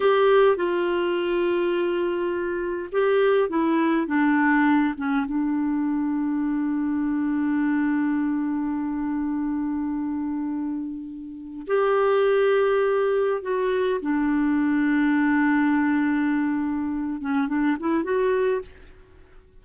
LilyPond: \new Staff \with { instrumentName = "clarinet" } { \time 4/4 \tempo 4 = 103 g'4 f'2.~ | f'4 g'4 e'4 d'4~ | d'8 cis'8 d'2.~ | d'1~ |
d'1 | g'2. fis'4 | d'1~ | d'4. cis'8 d'8 e'8 fis'4 | }